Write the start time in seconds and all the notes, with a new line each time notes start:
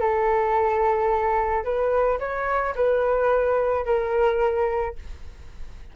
0.00 A4
1.64 B4
2.19 C#5
2.75 B4
3.85 A#4